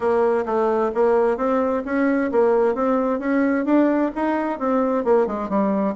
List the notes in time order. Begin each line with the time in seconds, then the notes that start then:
0.00 A#3
0.45 A3
0.94 A#3
1.37 C4
1.85 C#4
2.31 A#3
2.74 C4
3.19 C#4
3.65 D4
4.15 D#4
4.59 C4
5.04 A#3
5.27 G#3
5.49 G3